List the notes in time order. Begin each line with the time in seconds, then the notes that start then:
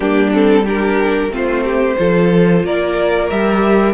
0.00 G3 A#3 D4 G4
0.32 C4 A4
0.63 D4 G4 A#4
1.30 A3 C4 F4 C5
1.64 G4
1.98 F3 F4 A4
2.63 A#3 A#4 D5
3.29 G3 G4 E5